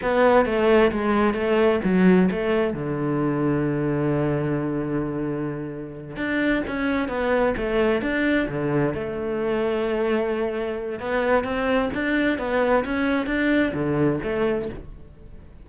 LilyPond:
\new Staff \with { instrumentName = "cello" } { \time 4/4 \tempo 4 = 131 b4 a4 gis4 a4 | fis4 a4 d2~ | d1~ | d4. d'4 cis'4 b8~ |
b8 a4 d'4 d4 a8~ | a1 | b4 c'4 d'4 b4 | cis'4 d'4 d4 a4 | }